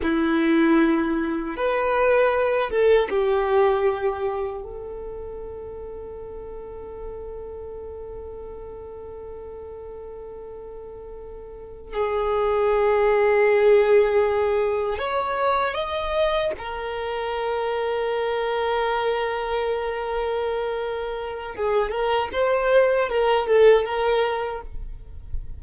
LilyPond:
\new Staff \with { instrumentName = "violin" } { \time 4/4 \tempo 4 = 78 e'2 b'4. a'8 | g'2 a'2~ | a'1~ | a'2.~ a'8 gis'8~ |
gis'2.~ gis'8 cis''8~ | cis''8 dis''4 ais'2~ ais'8~ | ais'1 | gis'8 ais'8 c''4 ais'8 a'8 ais'4 | }